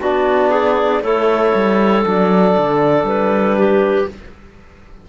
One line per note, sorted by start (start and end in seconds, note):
0.00 1.01 B3
0.00 1.03 D4
0.00 0.50 F#4
0.00 1.03 D5
0.50 1.01 G#4
1.01 1.52 A3
1.01 2.03 E4
1.01 3.58 A4
1.01 2.05 C#5
1.55 2.06 G3
2.03 2.57 F#3
2.03 4.07 D4
2.03 3.07 D5
2.58 3.04 D3
3.04 4.05 G3
3.04 4.08 B4
3.58 4.09 G4